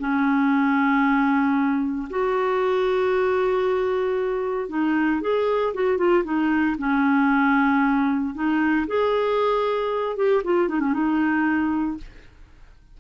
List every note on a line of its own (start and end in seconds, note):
0.00 2.09 C#4
2.10 4.69 F#4
4.69 5.22 D#4
5.22 5.74 G#4
5.74 5.98 F#4
5.98 6.24 F4
6.25 6.77 D#4
6.79 8.35 C#4
8.35 8.87 D#4
8.87 10.17 G#4
10.17 10.43 G4
10.44 10.69 F4
10.69 10.80 D#4
10.80 10.94 C#4
10.94 11.98 D#4